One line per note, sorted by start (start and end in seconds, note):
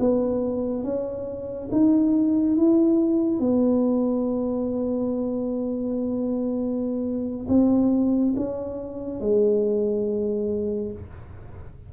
0.00 0.84 B3
0.84 1.70 C#4
1.72 2.57 D#4
2.57 3.40 E4
3.40 7.47 B3
7.49 8.35 C4
8.37 9.21 C#4
9.21 10.92 G#3